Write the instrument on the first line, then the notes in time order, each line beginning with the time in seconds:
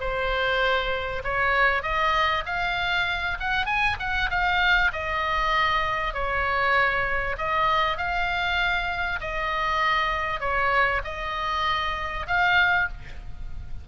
oboe
0.00 C5
1.24 C#5
1.83 D#5
2.46 F5
3.40 F#5
3.66 G#5
3.99 F#5
4.30 F5
4.93 D#5
6.14 C#5
7.38 D#5
7.97 F5
9.21 D#5
10.40 C#5
11.04 D#5
12.27 F5